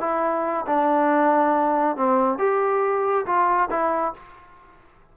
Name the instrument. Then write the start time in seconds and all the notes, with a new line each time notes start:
trombone
0.00 E4
0.66 D4
1.96 C4
2.38 G4
3.25 F4
3.70 E4